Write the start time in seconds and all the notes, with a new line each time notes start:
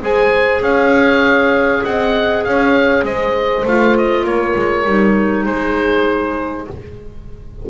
0.00 G#3 G#4 C5 G#5
0.61 C#4 C#5 F5
1.84 C4 D#5 F#5
2.44 C#4 C#5 F5
3.03 G#3 C5 D#5
3.65 A3 F4 F5
3.97 D#5
4.24 A#3 A#4 C#5
4.56 G#3
4.85 G3 D#4
5.45 G#3 G#4 C5